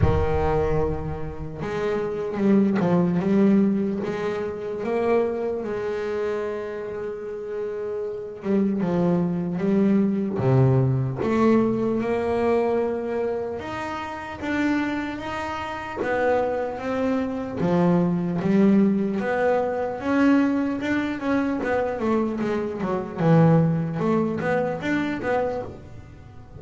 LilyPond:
\new Staff \with { instrumentName = "double bass" } { \time 4/4 \tempo 4 = 75 dis2 gis4 g8 f8 | g4 gis4 ais4 gis4~ | gis2~ gis8 g8 f4 | g4 c4 a4 ais4~ |
ais4 dis'4 d'4 dis'4 | b4 c'4 f4 g4 | b4 cis'4 d'8 cis'8 b8 a8 | gis8 fis8 e4 a8 b8 d'8 b8 | }